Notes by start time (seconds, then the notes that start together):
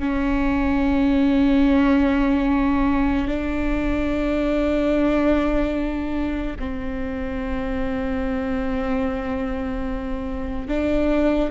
0.00 C#4
3.28 D4
6.59 C4
10.68 D4